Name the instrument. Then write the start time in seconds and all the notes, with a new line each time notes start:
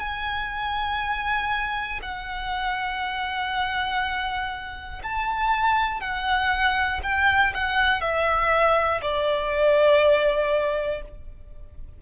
violin
0.00 G#5
2.02 F#5
5.03 A5
6.01 F#5
7.03 G5
7.55 F#5
8.02 E5
9.02 D5